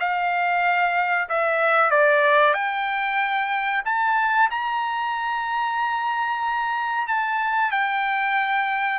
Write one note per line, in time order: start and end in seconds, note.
0.00 1.29 F5
1.30 1.91 E5
1.91 2.54 D5
2.54 3.83 G5
3.86 4.50 A5
4.51 7.08 A#5
7.08 7.72 A5
7.72 9.00 G5